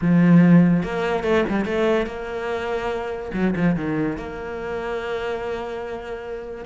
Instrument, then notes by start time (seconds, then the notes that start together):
cello
0.01 F3
0.83 A#3
1.23 A3
1.48 G3
1.65 A3
2.06 A#3
3.33 F#3
3.56 F3
3.75 D#3
4.17 A#3